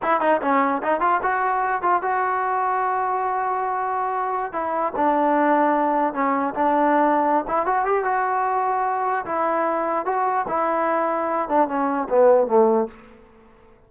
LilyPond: \new Staff \with { instrumentName = "trombone" } { \time 4/4 \tempo 4 = 149 e'8 dis'8 cis'4 dis'8 f'8 fis'4~ | fis'8 f'8 fis'2.~ | fis'2.~ fis'16 e'8.~ | e'16 d'2. cis'8.~ |
cis'16 d'2~ d'16 e'8 fis'8 g'8 | fis'2. e'4~ | e'4 fis'4 e'2~ | e'8 d'8 cis'4 b4 a4 | }